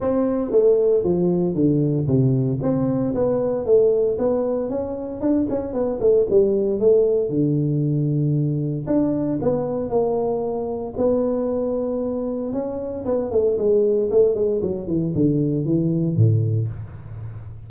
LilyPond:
\new Staff \with { instrumentName = "tuba" } { \time 4/4 \tempo 4 = 115 c'4 a4 f4 d4 | c4 c'4 b4 a4 | b4 cis'4 d'8 cis'8 b8 a8 | g4 a4 d2~ |
d4 d'4 b4 ais4~ | ais4 b2. | cis'4 b8 a8 gis4 a8 gis8 | fis8 e8 d4 e4 a,4 | }